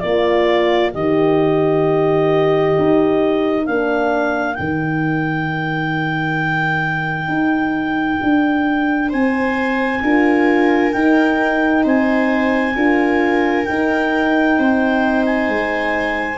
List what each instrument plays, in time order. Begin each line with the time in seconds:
0.00 tuba A#3, horn F4, viola A#4, clarinet D5
0.94 tuba D#3, horn G4, clarinet D#5
2.78 tuba D#4
3.66 tuba A#3, horn D4, clarinet F5
4.55 tuba D#3, horn D#4, clarinet G5
7.28 tuba D#4
8.23 tuba D4
9.10 tuba C4, viola C5, clarinet G#5
10.03 tuba D4, horn F4, viola A#4
10.93 tuba D#4, horn D#4, clarinet G5
11.84 tuba C4, viola C5, clarinet G#5
12.76 tuba D4, horn F4, viola A#4
13.65 horn D#4, tuba D#4, clarinet G5
14.59 tuba C4, viola C5
15.26 clarinet G#5
15.49 tuba G#3